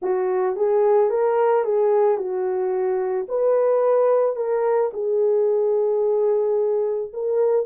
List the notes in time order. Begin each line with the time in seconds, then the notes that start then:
0.02 F#4
0.56 G#4
1.10 A#4
1.64 G#4
2.17 F#4
3.28 B4
4.36 A#4
4.93 G#4
7.13 A#4